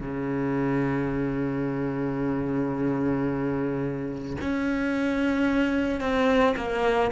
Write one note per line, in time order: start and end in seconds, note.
0.00 4.36 C#3
4.41 6.00 C#4
6.00 6.55 C4
6.57 7.11 A#3